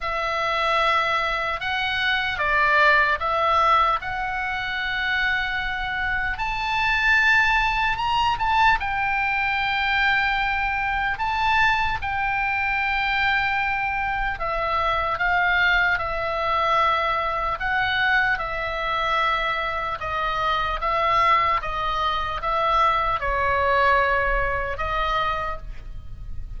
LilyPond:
\new Staff \with { instrumentName = "oboe" } { \time 4/4 \tempo 4 = 75 e''2 fis''4 d''4 | e''4 fis''2. | a''2 ais''8 a''8 g''4~ | g''2 a''4 g''4~ |
g''2 e''4 f''4 | e''2 fis''4 e''4~ | e''4 dis''4 e''4 dis''4 | e''4 cis''2 dis''4 | }